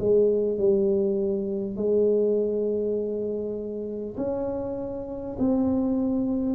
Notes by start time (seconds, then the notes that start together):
0.00 G#3
0.58 G3
1.77 G#3
4.18 C#4
5.39 C4